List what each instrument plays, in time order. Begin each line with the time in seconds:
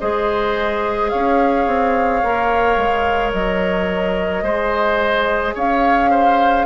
0.00 bassoon G#3, clarinet G#4, oboe C5, flute D#5
1.09 bassoon C#4, oboe C#5, flute F5
1.67 bassoon C4
2.23 bassoon A#3, clarinet A#4
2.77 bassoon G#3
3.32 bassoon F#3, flute D#5
4.43 bassoon G#3, clarinet G#4, oboe C5
5.55 bassoon C#4, oboe C#5, flute F5
6.10 oboe C5